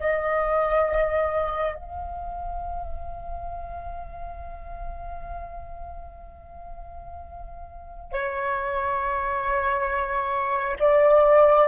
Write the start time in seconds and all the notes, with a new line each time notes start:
0.00 D#5
1.76 F5
8.13 C#5
10.80 D5